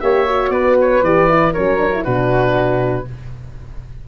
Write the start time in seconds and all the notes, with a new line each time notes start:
0.00 A#3 G4 C#5 E5
0.26 F#4
0.49 B3 B4 D5
0.81 C#5
1.02 E3 G4 D5
1.29 E4
1.52 F#3 C#4 A#4 C#5
1.77 D4
1.94 E4
2.02 B2 D4 F#4 B4